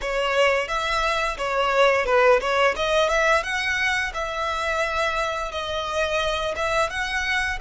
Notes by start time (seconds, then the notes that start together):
0.01 C#5
0.68 E5
1.37 C#5
2.05 B4
2.40 C#5
2.76 D#5
3.09 E5
3.43 F#5
4.13 E5
5.51 D#5
6.56 E5
6.90 F#5